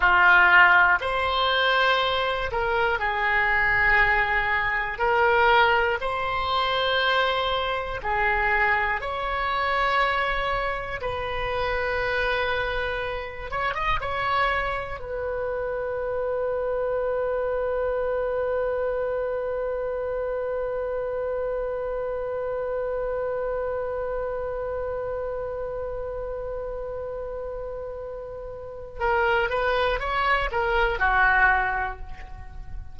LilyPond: \new Staff \with { instrumentName = "oboe" } { \time 4/4 \tempo 4 = 60 f'4 c''4. ais'8 gis'4~ | gis'4 ais'4 c''2 | gis'4 cis''2 b'4~ | b'4. cis''16 dis''16 cis''4 b'4~ |
b'1~ | b'1~ | b'1~ | b'4 ais'8 b'8 cis''8 ais'8 fis'4 | }